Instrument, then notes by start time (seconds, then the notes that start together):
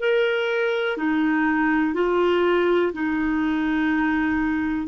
clarinet
0.00 A#4
0.97 D#4
1.94 F4
2.93 D#4